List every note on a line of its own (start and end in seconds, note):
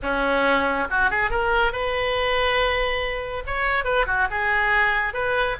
0.02 0.88 C#4
0.90 1.10 F#4
1.10 1.30 G#4
1.30 1.72 A#4
1.72 3.43 B4
3.46 3.84 C#5
3.84 4.06 B4
4.06 4.28 F#4
4.30 5.13 G#4
5.13 5.56 B4